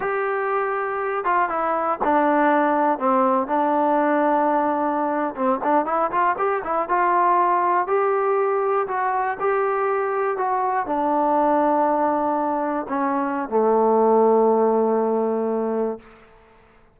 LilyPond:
\new Staff \with { instrumentName = "trombone" } { \time 4/4 \tempo 4 = 120 g'2~ g'8 f'8 e'4 | d'2 c'4 d'4~ | d'2~ d'8. c'8 d'8 e'16~ | e'16 f'8 g'8 e'8 f'2 g'16~ |
g'4.~ g'16 fis'4 g'4~ g'16~ | g'8. fis'4 d'2~ d'16~ | d'4.~ d'16 cis'4~ cis'16 a4~ | a1 | }